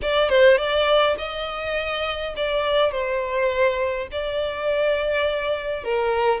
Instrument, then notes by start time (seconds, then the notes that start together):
violin
0.02 D5
0.29 C5
0.57 D5
1.18 D#5
2.36 D5
2.91 C5
4.11 D5
5.84 A#4